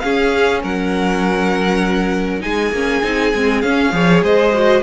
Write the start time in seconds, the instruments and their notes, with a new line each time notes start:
0.00 viola C#4, cello C#4, violin G#4 F5
0.63 cello F#3, violin A#4 F#5
2.40 cello G#3, viola D#4, violin G#4 G#5
2.72 cello A#3, viola C#4
3.03 cello C4, viola D#4
3.35 cello G#3, viola C4
3.62 cello C#4, viola C#4, violin F5
3.93 cello F3, viola G#4, violin C#5
4.23 cello G#3, violin C5 D#5
4.54 viola F#4